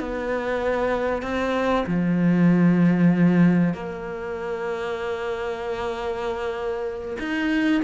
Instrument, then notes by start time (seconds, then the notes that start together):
cello
0.00 B3
1.22 C4
1.87 F3
3.74 A#3
7.19 D#4